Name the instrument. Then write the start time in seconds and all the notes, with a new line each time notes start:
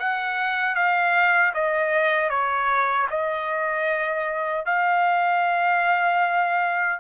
trumpet
0.00 F#5
0.75 F5
1.54 D#5
2.30 C#5
3.10 D#5
4.66 F5